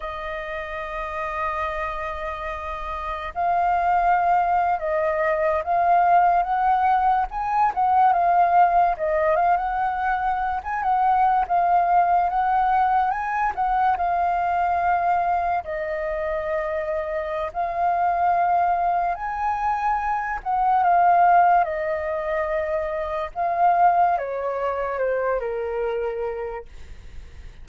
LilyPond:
\new Staff \with { instrumentName = "flute" } { \time 4/4 \tempo 4 = 72 dis''1 | f''4.~ f''16 dis''4 f''4 fis''16~ | fis''8. gis''8 fis''8 f''4 dis''8 f''16 fis''8~ | fis''8. gis''16 fis''8. f''4 fis''4 gis''16~ |
gis''16 fis''8 f''2 dis''4~ dis''16~ | dis''4 f''2 gis''4~ | gis''8 fis''8 f''4 dis''2 | f''4 cis''4 c''8 ais'4. | }